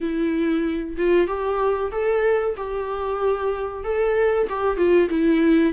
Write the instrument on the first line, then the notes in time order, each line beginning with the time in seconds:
viola
0.01 E4
0.97 F4
1.27 G4
1.91 A4
2.56 G4
3.84 A4
4.49 G4
4.76 F4
5.09 E4